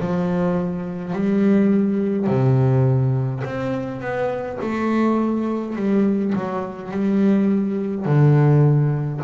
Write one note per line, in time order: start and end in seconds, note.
0.00 1.13 F3
1.13 2.27 G3
2.27 3.42 C3
3.45 4.01 C4
4.01 4.58 B3
4.62 5.76 A3
5.76 6.34 G3
6.35 6.91 F#3
6.91 8.05 G3
8.05 9.20 D3